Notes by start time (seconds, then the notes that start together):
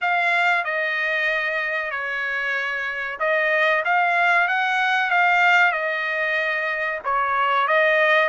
0.01 F5
0.64 D#5
1.90 C#5
3.19 D#5
3.85 F5
4.48 F#5
5.10 F5
5.71 D#5
7.04 C#5
7.67 D#5